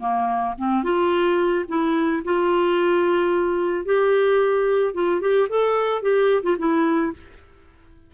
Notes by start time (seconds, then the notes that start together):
0.00 A#3
0.58 C4
0.84 F4
1.68 E4
2.25 F4
3.85 G4
4.94 F4
5.21 G4
5.49 A4
6.02 G4
6.43 F4
6.59 E4